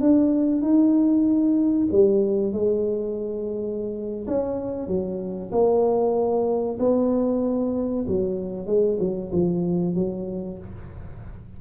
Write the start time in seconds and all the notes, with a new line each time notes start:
0.00 D4
0.61 D#4
1.91 G3
2.52 G#3
4.27 C#4
4.87 F#3
5.51 A#3
6.79 B3
8.07 F#3
8.66 G#3
8.99 F#3
9.32 F3
9.94 F#3